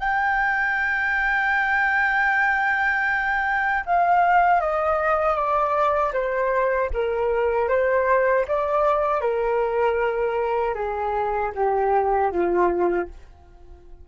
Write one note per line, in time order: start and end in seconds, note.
0.00 3.85 G5
3.86 4.61 F5
4.61 5.36 D#5
5.36 6.13 D5
6.13 6.90 C5
6.94 7.69 A#4
7.69 8.46 C5
8.48 9.22 D5
9.22 10.75 A#4
10.75 11.52 G#4
11.55 12.32 G4
12.32 13.09 F4